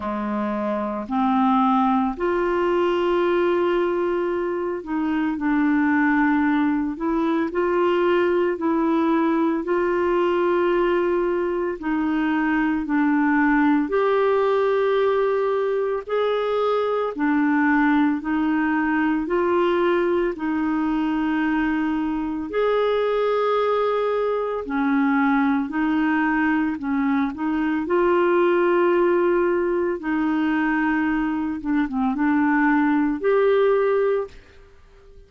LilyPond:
\new Staff \with { instrumentName = "clarinet" } { \time 4/4 \tempo 4 = 56 gis4 c'4 f'2~ | f'8 dis'8 d'4. e'8 f'4 | e'4 f'2 dis'4 | d'4 g'2 gis'4 |
d'4 dis'4 f'4 dis'4~ | dis'4 gis'2 cis'4 | dis'4 cis'8 dis'8 f'2 | dis'4. d'16 c'16 d'4 g'4 | }